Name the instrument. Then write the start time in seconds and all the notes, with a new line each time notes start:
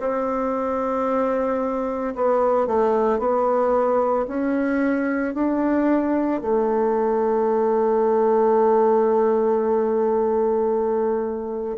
bassoon
0.00 C4
2.16 B3
2.67 A3
3.19 B3
4.28 C#4
5.35 D4
6.42 A3